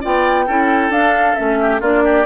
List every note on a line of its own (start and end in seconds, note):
0.00 0.48 B3
0.00 0.46 F4
0.00 0.45 D5
0.00 0.92 G5
0.46 0.89 C#4
0.46 0.92 E4
0.46 1.58 A4
0.89 1.34 D4
0.89 1.35 D4
0.89 1.35 F5
1.35 1.80 A3
1.35 1.80 C#4
1.35 1.80 E5
1.60 1.80 G4
1.80 2.25 A#3
1.80 2.26 D4
1.80 2.03 F4
1.80 2.26 D5
2.04 2.26 G4